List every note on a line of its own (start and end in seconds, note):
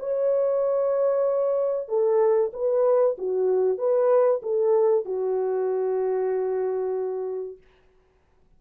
0.00 1.89 C#5
1.89 2.52 A4
2.54 3.17 B4
3.18 3.78 F#4
3.78 4.42 B4
4.43 5.06 A4
5.06 7.58 F#4